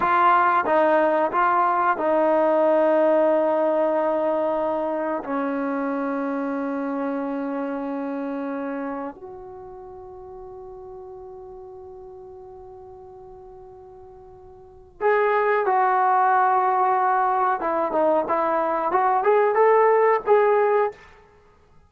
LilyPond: \new Staff \with { instrumentName = "trombone" } { \time 4/4 \tempo 4 = 92 f'4 dis'4 f'4 dis'4~ | dis'1 | cis'1~ | cis'2 fis'2~ |
fis'1~ | fis'2. gis'4 | fis'2. e'8 dis'8 | e'4 fis'8 gis'8 a'4 gis'4 | }